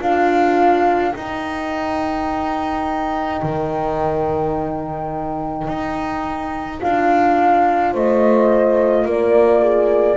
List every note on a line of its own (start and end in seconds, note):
0.00 1.14 D4
0.00 1.13 F4
0.00 7.92 A#4
0.00 1.12 F5
1.12 3.42 D#4
1.12 6.80 D#4
1.12 6.78 G5
3.43 5.68 D#3
5.68 6.81 D#4
6.80 7.95 D4
6.80 10.17 F4
6.80 7.94 F5
7.92 9.05 A3
7.92 9.05 C5
7.92 9.08 D#5
9.05 10.17 A#3
9.05 9.62 A#4
9.05 10.17 D5
9.62 10.17 G#4